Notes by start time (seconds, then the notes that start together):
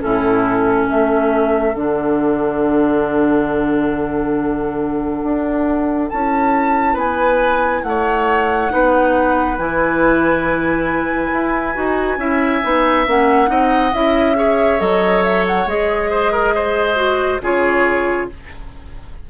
0.00 A2 C#4 E4 A4
0.86 A3 A4 E5
1.75 D3 D4 F#5
5.24 D4
6.10 C#4 E4 A5
6.94 B3 B4 G#5
7.83 A3 C#5 F#5
8.70 B3 D#4 B4
9.58 E3 E4 G#5
11.33 E4
11.74 D#4 F#4
12.18 C#4 E4 E5
12.63 B3 D#4
13.07 A#3 C#4 F#5
13.47 C4 D#4 D#5
13.94 C#4 E4 E5
14.35 G#4 C#5
14.79 F#3 A4 D#5
15.24 E5
15.47 F#5
15.66 G#3 G#4 D#5
16.10 C5
16.32 A#4
16.55 C5
16.95 F#4
17.41 C#3 F4 G#4 C#5